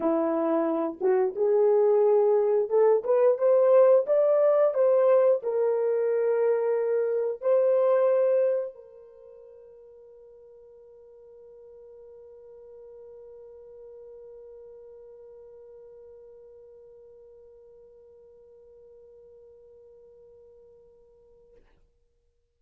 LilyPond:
\new Staff \with { instrumentName = "horn" } { \time 4/4 \tempo 4 = 89 e'4. fis'8 gis'2 | a'8 b'8 c''4 d''4 c''4 | ais'2. c''4~ | c''4 ais'2.~ |
ais'1~ | ais'1~ | ais'1~ | ais'1 | }